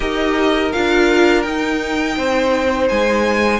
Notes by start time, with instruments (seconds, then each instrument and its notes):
0.00 cello D#4, viola G4, violin A#4 D#5
0.72 cello D4, viola F4, violin F5
1.42 viola D#4, cello D#4, violin G5
2.16 cello C4, violin C5
2.88 cello G#3, violin G#5